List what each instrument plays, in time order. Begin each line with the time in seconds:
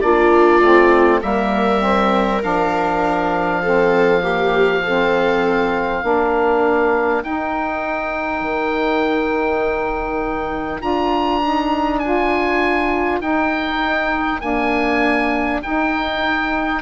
0.00 bassoon A#3, saxophone D4, viola F4, oboe D5
0.60 bassoon A3, saxophone C4
1.21 bassoon G3, saxophone A#3, viola A#4, oboe E5
1.80 saxophone C4
2.42 bassoon F3, saxophone D4, oboe F5
3.62 saxophone C4, viola A4
4.21 saxophone A#3, viola G4
4.83 saxophone C4, viola A4
6.00 bassoon A#3, saxophone D4, viola A#4
7.23 bassoon D#4, saxophone D#4, oboe G5
8.41 bassoon D#3
10.80 bassoon D4, saxophone F4, oboe A#5
11.43 saxophone D#4
11.99 saxophone F4, oboe G#5
13.21 bassoon D#4, saxophone D#4, oboe G5
14.39 saxophone A#3, bassoon D4, oboe G#5
15.62 saxophone D#4, bassoon D#4, oboe G5